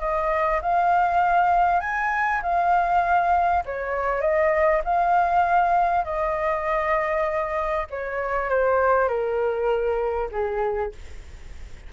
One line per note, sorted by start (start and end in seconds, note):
0.00 0.61 D#5
0.62 1.80 F5
1.80 2.41 G#5
2.43 3.64 F5
3.65 4.21 C#5
4.21 4.82 D#5
4.84 6.05 F5
6.05 7.87 D#5
7.90 8.50 C#5
8.50 9.08 C5
9.08 10.29 A#4
10.32 10.92 G#4